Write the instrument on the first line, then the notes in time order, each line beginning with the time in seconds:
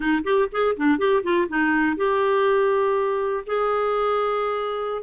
clarinet
0.00 D#4
0.24 G4
0.51 G#4
0.76 D4
0.98 G4
1.23 F4
1.48 D#4
1.96 G4
3.46 G#4